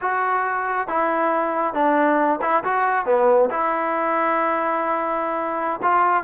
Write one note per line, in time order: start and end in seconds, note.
0.01 0.88 F#4
0.88 1.73 E4
1.73 2.39 D4
2.41 2.63 E4
2.63 3.05 F#4
3.05 3.49 B3
3.50 5.80 E4
5.82 6.23 F4